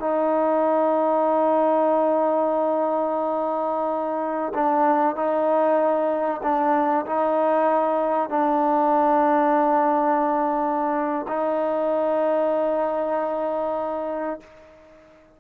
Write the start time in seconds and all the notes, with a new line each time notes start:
0.00 D#4
4.54 D4
5.16 D#4
6.43 D4
7.06 D#4
8.30 D4
11.28 D#4